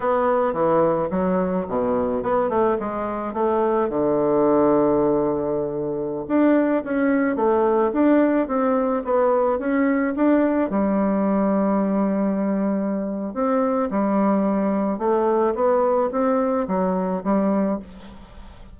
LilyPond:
\new Staff \with { instrumentName = "bassoon" } { \time 4/4 \tempo 4 = 108 b4 e4 fis4 b,4 | b8 a8 gis4 a4 d4~ | d2.~ d16 d'8.~ | d'16 cis'4 a4 d'4 c'8.~ |
c'16 b4 cis'4 d'4 g8.~ | g1 | c'4 g2 a4 | b4 c'4 fis4 g4 | }